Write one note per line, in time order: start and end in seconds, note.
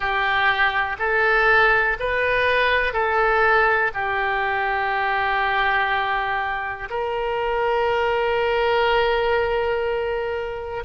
0.00 0.96 G4
0.98 1.97 A4
1.99 2.92 B4
2.92 3.91 A4
3.93 6.89 G4
6.90 10.83 A#4